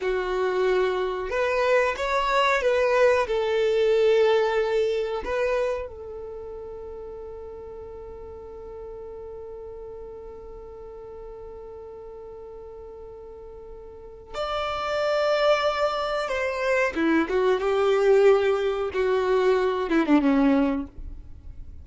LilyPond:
\new Staff \with { instrumentName = "violin" } { \time 4/4 \tempo 4 = 92 fis'2 b'4 cis''4 | b'4 a'2. | b'4 a'2.~ | a'1~ |
a'1~ | a'2 d''2~ | d''4 c''4 e'8 fis'8 g'4~ | g'4 fis'4. e'16 d'16 cis'4 | }